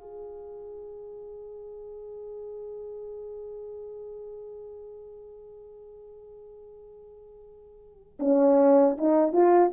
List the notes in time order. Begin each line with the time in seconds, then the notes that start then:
0.00 G#4
8.19 C#4
8.98 D#4
9.32 F4